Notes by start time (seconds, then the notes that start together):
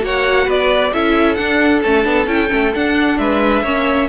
0.00 A#3 F#4 C#5 F#5
0.45 B3 B4 D5
0.93 C#4 E4 A4 E5
1.35 D4 F#5
1.82 A3 C#4 A5
2.04 B3 D4
2.27 C#4 E4 G5
2.49 A3 C#4
2.75 D4 F#5
3.19 G#3 B4 E5
3.63 A#3 C#4 C#5